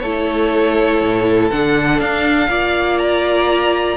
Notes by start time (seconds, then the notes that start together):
0.00 A3 E4 A4 C#5
1.02 A2
1.51 D3 D4 F#5
2.00 D4 F5
2.48 A#3 F4 D5
2.99 A#5